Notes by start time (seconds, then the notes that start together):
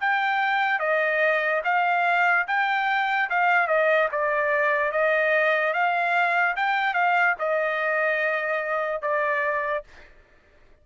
0.00 G5
0.80 D#5
1.64 F5
2.47 G5
3.30 F5
3.67 D#5
4.12 D5
4.92 D#5
5.73 F5
6.56 G5
6.94 F5
7.39 D#5
9.02 D5